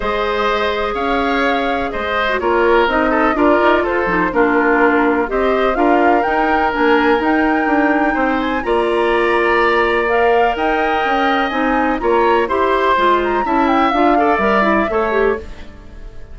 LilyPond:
<<
  \new Staff \with { instrumentName = "flute" } { \time 4/4 \tempo 4 = 125 dis''2 f''2 | dis''4 cis''4 dis''4 d''4 | c''4 ais'2 dis''4 | f''4 g''4 gis''4 g''4~ |
g''4. gis''8 ais''2~ | ais''4 f''4 g''2 | gis''4 ais''4 c'''4. ais''8 | a''8 g''8 f''4 e''2 | }
  \new Staff \with { instrumentName = "oboe" } { \time 4/4 c''2 cis''2 | c''4 ais'4. a'8 ais'4 | a'4 f'2 c''4 | ais'1~ |
ais'4 c''4 d''2~ | d''2 dis''2~ | dis''4 cis''4 c''2 | e''4. d''4. cis''4 | }
  \new Staff \with { instrumentName = "clarinet" } { \time 4/4 gis'1~ | gis'8. fis'16 f'4 dis'4 f'4~ | f'8 dis'8 d'2 g'4 | f'4 dis'4 d'4 dis'4~ |
dis'2 f'2~ | f'4 ais'2. | dis'4 f'4 g'4 f'4 | e'4 f'8 a'8 ais'8 e'8 a'8 g'8 | }
  \new Staff \with { instrumentName = "bassoon" } { \time 4/4 gis2 cis'2 | gis4 ais4 c'4 d'8 dis'8 | f'8 f8 ais2 c'4 | d'4 dis'4 ais4 dis'4 |
d'4 c'4 ais2~ | ais2 dis'4 cis'4 | c'4 ais4 e'4 gis4 | cis'4 d'4 g4 a4 | }
>>